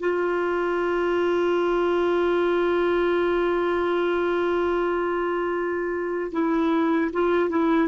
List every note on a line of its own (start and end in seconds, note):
0.00 6.32 F4
6.32 7.11 E4
7.13 7.49 F4
7.49 7.88 E4